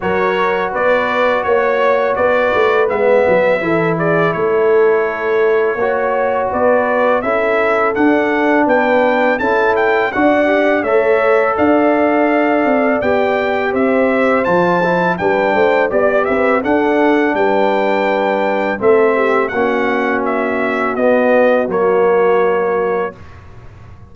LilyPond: <<
  \new Staff \with { instrumentName = "trumpet" } { \time 4/4 \tempo 4 = 83 cis''4 d''4 cis''4 d''4 | e''4. d''8 cis''2~ | cis''4 d''4 e''4 fis''4 | g''4 a''8 g''8 fis''4 e''4 |
f''2 g''4 e''4 | a''4 g''4 d''8 e''8 fis''4 | g''2 e''4 fis''4 | e''4 dis''4 cis''2 | }
  \new Staff \with { instrumentName = "horn" } { \time 4/4 ais'4 b'4 cis''4 b'4~ | b'4 a'8 gis'8 a'2 | cis''4 b'4 a'2 | b'4 a'4 d''4 cis''4 |
d''2. c''4~ | c''4 b'8 c''8 d''8 b'8 a'4 | b'2 a'8 g'8 fis'4~ | fis'1 | }
  \new Staff \with { instrumentName = "trombone" } { \time 4/4 fis'1 | b4 e'2. | fis'2 e'4 d'4~ | d'4 e'4 fis'8 g'8 a'4~ |
a'2 g'2 | f'8 e'8 d'4 g'4 d'4~ | d'2 c'4 cis'4~ | cis'4 b4 ais2 | }
  \new Staff \with { instrumentName = "tuba" } { \time 4/4 fis4 b4 ais4 b8 a8 | gis8 fis8 e4 a2 | ais4 b4 cis'4 d'4 | b4 cis'4 d'4 a4 |
d'4. c'8 b4 c'4 | f4 g8 a8 b8 c'8 d'4 | g2 a4 ais4~ | ais4 b4 fis2 | }
>>